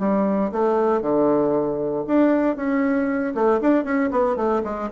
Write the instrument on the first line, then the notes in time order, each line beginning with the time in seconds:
bassoon
0.00 G3
0.52 A3
1.02 D3
2.07 D4
2.57 C#4
3.35 A3
3.61 D4
3.85 C#4
4.12 B3
4.37 A3
4.64 G#3